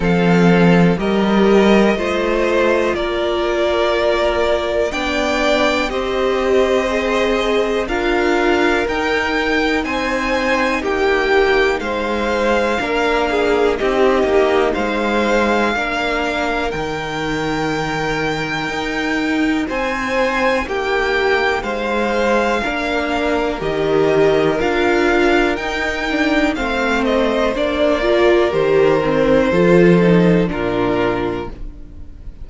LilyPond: <<
  \new Staff \with { instrumentName = "violin" } { \time 4/4 \tempo 4 = 61 f''4 dis''2 d''4~ | d''4 g''4 dis''2 | f''4 g''4 gis''4 g''4 | f''2 dis''4 f''4~ |
f''4 g''2. | gis''4 g''4 f''2 | dis''4 f''4 g''4 f''8 dis''8 | d''4 c''2 ais'4 | }
  \new Staff \with { instrumentName = "violin" } { \time 4/4 a'4 ais'4 c''4 ais'4~ | ais'4 d''4 c''2 | ais'2 c''4 g'4 | c''4 ais'8 gis'8 g'4 c''4 |
ais'1 | c''4 g'4 c''4 ais'4~ | ais'2. c''4~ | c''8 ais'4. a'4 f'4 | }
  \new Staff \with { instrumentName = "viola" } { \time 4/4 c'4 g'4 f'2~ | f'4 d'4 g'4 gis'4 | f'4 dis'2.~ | dis'4 d'4 dis'2 |
d'4 dis'2.~ | dis'2. d'4 | g'4 f'4 dis'8 d'8 c'4 | d'8 f'8 g'8 c'8 f'8 dis'8 d'4 | }
  \new Staff \with { instrumentName = "cello" } { \time 4/4 f4 g4 a4 ais4~ | ais4 b4 c'2 | d'4 dis'4 c'4 ais4 | gis4 ais4 c'8 ais8 gis4 |
ais4 dis2 dis'4 | c'4 ais4 gis4 ais4 | dis4 d'4 dis'4 a4 | ais4 dis4 f4 ais,4 | }
>>